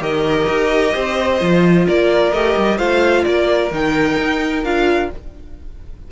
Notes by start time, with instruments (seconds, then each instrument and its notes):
0.00 cello D#3, viola G4, violin A#4 D#5
0.48 cello D#4
0.94 cello C4, violin C5
1.40 cello F3, viola F4
1.87 cello A#3, violin A#4 D5
2.32 cello A3, viola G4, violin D#5
2.57 cello G3
2.78 cello A3, viola F4, violin C5 F5
3.24 cello A#3, violin A#4 D5
3.71 cello D#3, viola D#4, violin G5
4.19 cello D#4
4.64 cello D4, viola F4, violin F5